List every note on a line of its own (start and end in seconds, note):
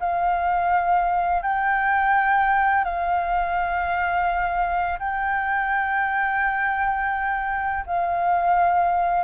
0.00 1.43 F5
1.43 2.84 G5
2.84 4.99 F5
4.99 7.85 G5
7.86 9.24 F5